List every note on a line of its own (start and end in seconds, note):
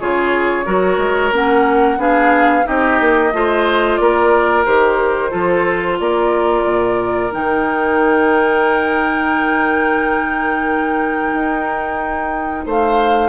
0.00 0.66 C#3
0.00 0.65 F4
0.00 0.66 G#4
0.00 1.34 C#5
0.65 0.98 F#3
0.65 1.32 F#4
0.65 1.99 A#4
0.98 1.31 G#3
1.32 1.98 A#3
1.32 1.98 C#4
1.32 2.01 F#5
1.98 2.64 B3
1.98 2.64 D4
1.98 2.66 G#4
1.98 2.67 F5
2.64 3.00 C4
2.64 3.30 D#4
2.64 3.34 G4
2.64 3.97 D#5
3.00 3.33 A#3
3.33 3.99 A3
3.33 4.65 F4
3.33 4.01 C5
3.97 4.66 A#3
3.97 5.31 A#4
3.97 4.63 D5
4.65 5.33 D#3
4.65 5.30 G4
4.65 5.99 C5
5.30 6.00 F3
5.30 7.30 F4
5.30 5.98 A4
5.99 6.64 A#3
5.99 12.66 A#4
5.99 7.32 D5
6.64 7.31 A#2
7.32 11.33 D#3
7.32 13.29 D#4
7.32 12.67 G5
11.33 12.66 D#4
12.66 13.29 A3
12.66 13.29 C5
12.66 13.29 F5